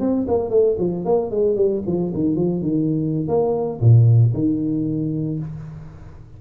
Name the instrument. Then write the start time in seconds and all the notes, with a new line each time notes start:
tuba
0.00 C4
0.28 A#3
0.50 A3
0.79 F3
1.05 A#3
1.31 G#3
1.56 G3
1.87 F3
2.14 D#3
2.36 F3
2.62 D#3
3.28 A#3
3.81 A#2
4.34 D#3